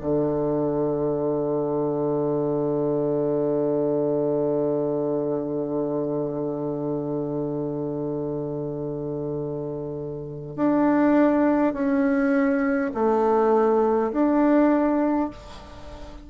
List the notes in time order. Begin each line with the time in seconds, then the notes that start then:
0.00 D3
10.56 D4
11.73 C#4
12.94 A3
14.12 D4